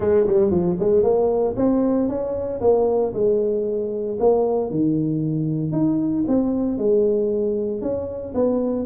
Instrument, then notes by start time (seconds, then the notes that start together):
tuba
0.00 G#3
0.26 G3
0.50 F3
0.79 G#3
1.03 A#3
1.56 C4
2.08 C#4
2.61 A#3
3.13 G#3
4.19 A#3
4.70 D#3
5.72 D#4
6.27 C4
6.78 G#3
7.81 C#4
8.34 B3